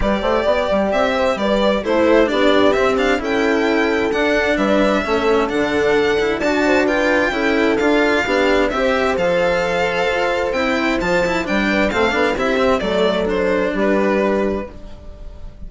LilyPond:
<<
  \new Staff \with { instrumentName = "violin" } { \time 4/4 \tempo 4 = 131 d''2 e''4 d''4 | c''4 d''4 e''8 f''8 g''4~ | g''4 fis''4 e''2 | fis''2 a''4 g''4~ |
g''4 f''2 e''4 | f''2. g''4 | a''4 g''4 f''4 e''4 | d''4 c''4 b'2 | }
  \new Staff \with { instrumentName = "horn" } { \time 4/4 b'8 c''8 d''4. c''8 b'4 | a'4 g'2 a'4~ | a'2 b'4 a'4~ | a'2 d''8 c''8 b'4 |
a'2 g'4 c''4~ | c''1~ | c''4. b'8 a'4 g'4 | a'2 g'2 | }
  \new Staff \with { instrumentName = "cello" } { \time 4/4 g'1 | e'4 d'4 c'8 d'8 e'4~ | e'4 d'2 cis'4 | d'4. e'8 fis'4 f'4 |
e'4 f'4 d'4 g'4 | a'2. e'4 | f'8 e'8 d'4 c'8 d'8 e'8 c'8 | a4 d'2. | }
  \new Staff \with { instrumentName = "bassoon" } { \time 4/4 g8 a8 b8 g8 c'4 g4 | a4 b4 c'4 cis'4~ | cis'4 d'4 g4 a4 | d2 d'2 |
cis'4 d'4 b4 c'4 | f2 f'4 c'4 | f4 g4 a8 b8 c'4 | fis2 g2 | }
>>